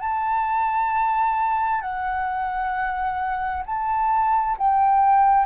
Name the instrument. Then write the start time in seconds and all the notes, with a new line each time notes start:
flute
0.00 A5
1.81 F#5
3.66 A5
4.58 G5